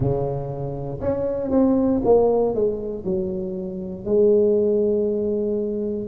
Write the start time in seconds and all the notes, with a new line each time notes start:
0.00 C#3
1.00 C#4
1.50 C4
2.04 A#3
2.54 G#3
3.04 F#3
4.04 G#3